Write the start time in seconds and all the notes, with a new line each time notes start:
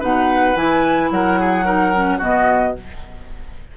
0.00 B2 D#4 B4 F#5
0.56 E3 E4 G#5
1.11 F#3 A#4 F#5
1.40 G#4
1.65 D#4 A#4
1.95 C#4
2.18 B2 B3 F#4 D#5